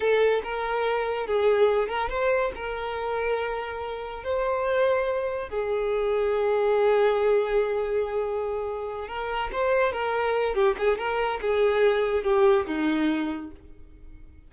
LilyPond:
\new Staff \with { instrumentName = "violin" } { \time 4/4 \tempo 4 = 142 a'4 ais'2 gis'4~ | gis'8 ais'8 c''4 ais'2~ | ais'2 c''2~ | c''4 gis'2.~ |
gis'1~ | gis'4. ais'4 c''4 ais'8~ | ais'4 g'8 gis'8 ais'4 gis'4~ | gis'4 g'4 dis'2 | }